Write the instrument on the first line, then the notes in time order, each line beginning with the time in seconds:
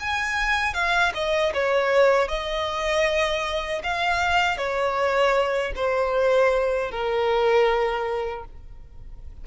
violin
0.00 G#5
0.74 F5
1.14 D#5
1.54 C#5
2.28 D#5
3.84 F5
4.57 C#5
5.76 C5
6.91 A#4